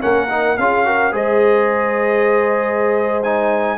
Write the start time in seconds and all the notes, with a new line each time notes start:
0.00 A#3 C#4 A#4 F#5
0.29 D#4
0.57 C#4 F4 G#4 F5
0.85 F#4 A#4
1.12 G#3 G#4 C5 D#5
3.23 D#4 G#5